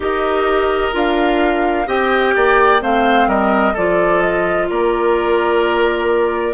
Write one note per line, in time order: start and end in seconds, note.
0.00 0.93 D#4
0.00 0.92 G4
0.00 1.87 A#4
0.00 0.95 D#5
0.92 1.87 D4
0.92 1.86 F4
0.92 1.88 F5
1.87 2.34 C4
1.87 2.80 G4
1.87 2.34 D#5
1.87 2.82 G5
2.35 2.81 A#3
2.35 2.82 D5
2.80 3.26 A3
2.80 3.74 C4
2.80 3.28 C5
2.80 3.29 F5
3.26 3.73 G3
3.26 3.73 A#4
3.26 3.76 D#5
3.73 4.70 F3
3.73 6.53 F4
3.73 4.66 A4
3.73 4.21 D5
4.21 4.67 D#5
4.69 6.53 A#3
4.69 6.53 A#4
4.69 6.53 D5